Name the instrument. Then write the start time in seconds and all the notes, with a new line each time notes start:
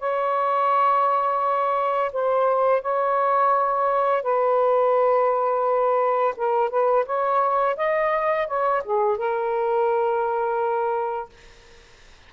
saxophone
0.00 C#5
2.13 C5
2.82 C#5
4.23 B4
6.37 A#4
6.70 B4
7.06 C#5
7.77 D#5
8.48 C#5
8.85 G#4
9.18 A#4